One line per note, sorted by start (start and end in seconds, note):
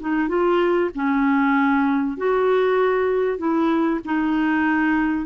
0.00 0.29 D#4
0.29 0.91 F4
0.95 2.17 C#4
2.17 3.38 F#4
3.38 4.00 E4
4.05 5.26 D#4